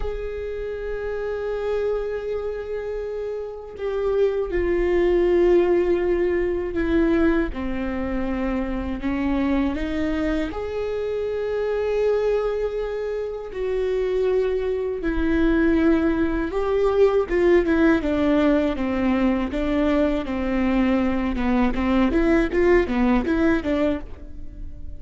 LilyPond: \new Staff \with { instrumentName = "viola" } { \time 4/4 \tempo 4 = 80 gis'1~ | gis'4 g'4 f'2~ | f'4 e'4 c'2 | cis'4 dis'4 gis'2~ |
gis'2 fis'2 | e'2 g'4 f'8 e'8 | d'4 c'4 d'4 c'4~ | c'8 b8 c'8 e'8 f'8 b8 e'8 d'8 | }